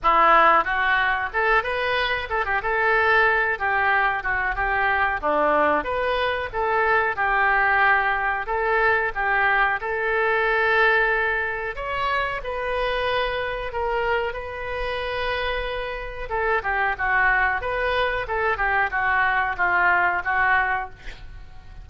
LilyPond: \new Staff \with { instrumentName = "oboe" } { \time 4/4 \tempo 4 = 92 e'4 fis'4 a'8 b'4 a'16 g'16 | a'4. g'4 fis'8 g'4 | d'4 b'4 a'4 g'4~ | g'4 a'4 g'4 a'4~ |
a'2 cis''4 b'4~ | b'4 ais'4 b'2~ | b'4 a'8 g'8 fis'4 b'4 | a'8 g'8 fis'4 f'4 fis'4 | }